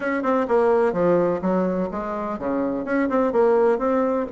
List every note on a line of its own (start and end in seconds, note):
0.00 0.22 C#4
0.22 0.46 C4
0.48 0.93 A#3
0.93 1.40 F3
1.41 1.89 F#3
1.91 2.39 G#3
2.39 2.84 C#3
2.84 3.08 C#4
3.09 3.32 C4
3.32 3.78 A#3
3.78 4.26 C4